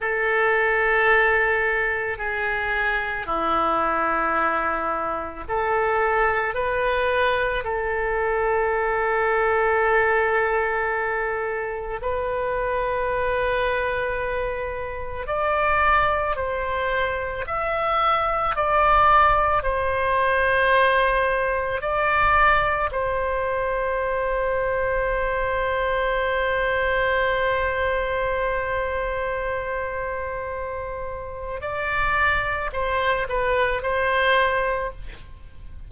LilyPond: \new Staff \with { instrumentName = "oboe" } { \time 4/4 \tempo 4 = 55 a'2 gis'4 e'4~ | e'4 a'4 b'4 a'4~ | a'2. b'4~ | b'2 d''4 c''4 |
e''4 d''4 c''2 | d''4 c''2.~ | c''1~ | c''4 d''4 c''8 b'8 c''4 | }